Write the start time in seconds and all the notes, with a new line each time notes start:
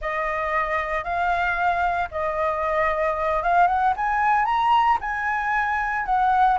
0.01 D#5
1.04 F5
2.11 D#5
3.42 F5
3.67 F#5
3.96 G#5
4.45 A#5
5.00 G#5
6.05 F#5